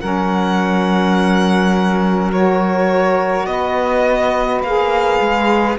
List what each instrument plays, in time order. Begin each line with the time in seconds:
0.00 cello F#3, saxophone C#4 A#4, violin F#5
2.32 saxophone F#4, violin C#5
3.46 cello B3, saxophone B4, violin D#5
4.62 cello A#3, saxophone G#4, violin F5
5.20 cello G#3